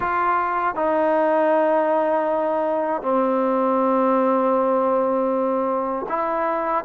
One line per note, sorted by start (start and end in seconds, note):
0.00 0.75 F4
0.75 3.02 D#4
3.02 6.06 C4
6.08 6.84 E4